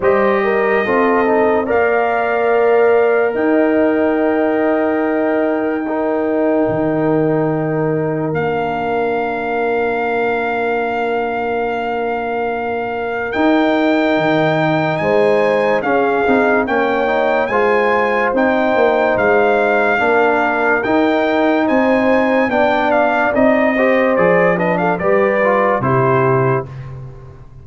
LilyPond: <<
  \new Staff \with { instrumentName = "trumpet" } { \time 4/4 \tempo 4 = 72 dis''2 f''2 | g''1~ | g''2 f''2~ | f''1 |
g''2 gis''4 f''4 | g''4 gis''4 g''4 f''4~ | f''4 g''4 gis''4 g''8 f''8 | dis''4 d''8 dis''16 f''16 d''4 c''4 | }
  \new Staff \with { instrumentName = "horn" } { \time 4/4 c''8 ais'8 a'4 d''2 | dis''2. ais'4~ | ais'1~ | ais'1~ |
ais'2 c''4 gis'4 | cis''4 c''2. | ais'2 c''4 d''4~ | d''8 c''4 b'16 a'16 b'4 g'4 | }
  \new Staff \with { instrumentName = "trombone" } { \time 4/4 g'4 f'8 dis'8 ais'2~ | ais'2. dis'4~ | dis'2 d'2~ | d'1 |
dis'2. cis'8 dis'8 | cis'8 dis'8 f'4 dis'2 | d'4 dis'2 d'4 | dis'8 g'8 gis'8 d'8 g'8 f'8 e'4 | }
  \new Staff \with { instrumentName = "tuba" } { \time 4/4 g4 c'4 ais2 | dis'1 | dis2 ais2~ | ais1 |
dis'4 dis4 gis4 cis'8 c'8 | ais4 gis4 c'8 ais8 gis4 | ais4 dis'4 c'4 b4 | c'4 f4 g4 c4 | }
>>